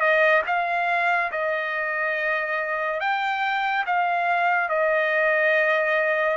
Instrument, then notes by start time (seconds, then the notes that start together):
trumpet
0.00 D#5
0.46 F5
1.31 D#5
3.00 G5
3.86 F5
4.69 D#5